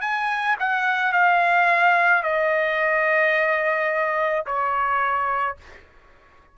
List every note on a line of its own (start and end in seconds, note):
0.00 0.56 G#5
0.59 1.12 F#5
1.12 2.23 F5
2.23 4.45 D#5
4.45 5.57 C#5